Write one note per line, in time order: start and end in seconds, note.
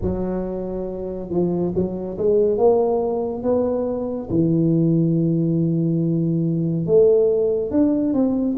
0.01 1.29 F#3
1.29 1.72 F3
1.75 2.17 F#3
2.18 2.57 G#3
2.57 3.42 A#3
3.42 4.28 B3
4.29 6.86 E3
6.86 7.70 A3
7.70 8.13 D4
8.13 8.56 C4